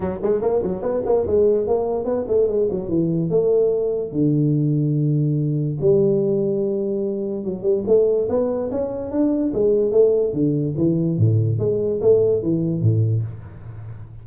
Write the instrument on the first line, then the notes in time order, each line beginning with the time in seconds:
tuba
0.00 F#3
0.22 G#3
0.41 A#3
0.62 F#3
0.82 B3
1.05 A#3
1.26 G#3
1.67 A#3
2.04 B3
2.27 A3
2.47 G#3
2.70 F#3
2.88 E3
3.30 A3
4.12 D3
5.80 G3
7.44 F#3
7.63 G3
7.87 A3
8.29 B3
8.71 C#4
9.11 D4
9.53 G#3
9.91 A3
10.33 D3
10.77 E3
11.17 A2
11.58 G#3
12.01 A3
12.42 E3
12.81 A2